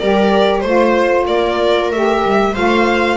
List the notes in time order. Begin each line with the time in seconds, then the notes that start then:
0.00 G3 G4 A#4 D5
0.61 A3 F4 C5
1.27 A#3 A#4 D5
1.91 A3 G4 E5
2.25 G3
2.54 A3 F4 C5 F5